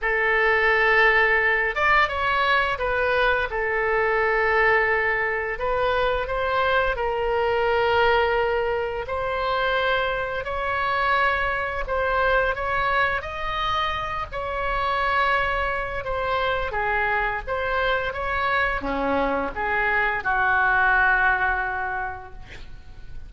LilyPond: \new Staff \with { instrumentName = "oboe" } { \time 4/4 \tempo 4 = 86 a'2~ a'8 d''8 cis''4 | b'4 a'2. | b'4 c''4 ais'2~ | ais'4 c''2 cis''4~ |
cis''4 c''4 cis''4 dis''4~ | dis''8 cis''2~ cis''8 c''4 | gis'4 c''4 cis''4 cis'4 | gis'4 fis'2. | }